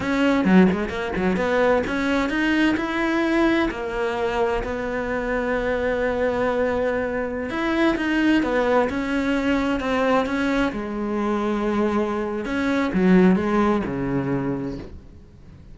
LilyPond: \new Staff \with { instrumentName = "cello" } { \time 4/4 \tempo 4 = 130 cis'4 fis8 gis8 ais8 fis8 b4 | cis'4 dis'4 e'2 | ais2 b2~ | b1~ |
b16 e'4 dis'4 b4 cis'8.~ | cis'4~ cis'16 c'4 cis'4 gis8.~ | gis2. cis'4 | fis4 gis4 cis2 | }